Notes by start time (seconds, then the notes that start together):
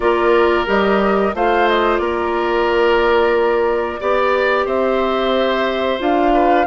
0.00 A#3 F4 A#4 D5
0.66 G3 G4 D#5
1.34 A3 F4 C5 F5
1.68 D#5
1.96 A#3 A#4 D5
3.99 B3 G4 D5
4.65 C4 C5 E5
5.99 D4 F4 F5
6.33 B4